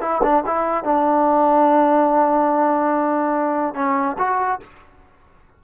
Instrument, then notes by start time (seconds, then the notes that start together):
trombone
0.00 E4
0.23 D4
0.46 E4
0.84 D4
3.74 C#4
4.18 F#4